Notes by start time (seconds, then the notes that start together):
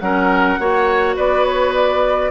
0.00 F#3 C#4 A#4 F#5
0.59 A#3 F#4 C#5
1.16 B3 B4 D5
1.45 C#5
1.75 D5